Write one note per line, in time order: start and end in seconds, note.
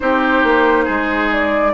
0.00 0.43 C4
0.00 1.73 D#4
0.00 0.84 G4
0.00 1.31 C5
0.43 0.87 A#3
0.84 1.73 G#3
0.84 1.71 G#4
1.32 1.73 D5